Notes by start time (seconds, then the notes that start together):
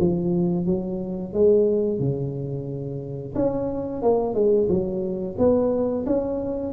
0.00 F3
0.66 F#3
1.34 G#3
1.99 C#3
3.35 C#4
4.02 A#3
4.34 G#3
4.69 F#3
5.38 B3
6.06 C#4